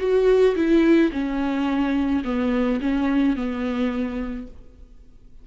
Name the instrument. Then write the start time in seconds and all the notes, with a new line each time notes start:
viola
0.00 F#4
0.56 E4
1.12 C#4
2.25 B3
2.81 C#4
3.36 B3